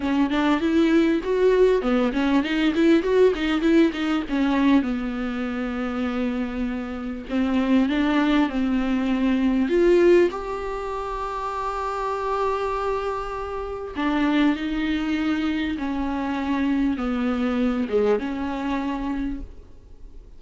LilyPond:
\new Staff \with { instrumentName = "viola" } { \time 4/4 \tempo 4 = 99 cis'8 d'8 e'4 fis'4 b8 cis'8 | dis'8 e'8 fis'8 dis'8 e'8 dis'8 cis'4 | b1 | c'4 d'4 c'2 |
f'4 g'2.~ | g'2. d'4 | dis'2 cis'2 | b4. gis8 cis'2 | }